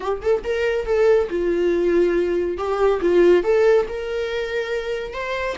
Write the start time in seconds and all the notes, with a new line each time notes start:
0.00 G4
0.21 A4
0.43 A#4
0.85 A4
1.29 F4
2.57 G4
3.01 F4
3.43 A4
3.88 A#4
5.13 C5